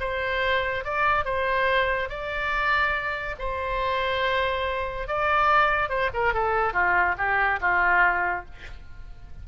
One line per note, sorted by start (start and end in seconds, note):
0.00 0.85 C5
0.85 1.25 D5
1.25 2.09 C5
2.09 3.36 D5
3.39 5.08 C5
5.08 5.89 D5
5.89 6.10 C5
6.13 6.34 A#4
6.34 6.73 A4
6.73 7.15 F4
7.18 7.60 G4
7.61 8.45 F4